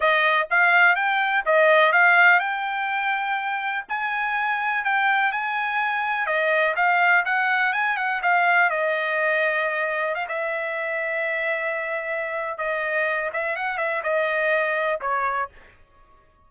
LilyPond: \new Staff \with { instrumentName = "trumpet" } { \time 4/4 \tempo 4 = 124 dis''4 f''4 g''4 dis''4 | f''4 g''2. | gis''2 g''4 gis''4~ | gis''4 dis''4 f''4 fis''4 |
gis''8 fis''8 f''4 dis''2~ | dis''4 f''16 e''2~ e''8.~ | e''2 dis''4. e''8 | fis''8 e''8 dis''2 cis''4 | }